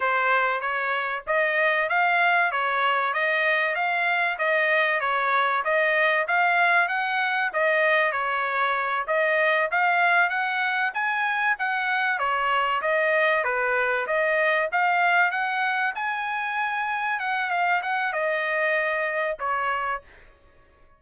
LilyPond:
\new Staff \with { instrumentName = "trumpet" } { \time 4/4 \tempo 4 = 96 c''4 cis''4 dis''4 f''4 | cis''4 dis''4 f''4 dis''4 | cis''4 dis''4 f''4 fis''4 | dis''4 cis''4. dis''4 f''8~ |
f''8 fis''4 gis''4 fis''4 cis''8~ | cis''8 dis''4 b'4 dis''4 f''8~ | f''8 fis''4 gis''2 fis''8 | f''8 fis''8 dis''2 cis''4 | }